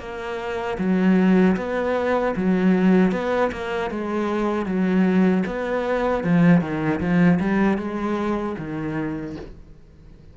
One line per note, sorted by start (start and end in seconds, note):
0.00 0.78 A#3
0.79 1.57 F#3
1.57 2.35 B3
2.37 3.12 F#3
3.12 3.51 B3
3.52 3.91 A#3
3.91 4.66 G#3
4.66 5.44 F#3
5.47 6.24 B3
6.24 6.61 F3
6.61 7.00 D#3
7.01 7.40 F3
7.40 7.79 G3
7.79 8.56 G#3
8.59 9.36 D#3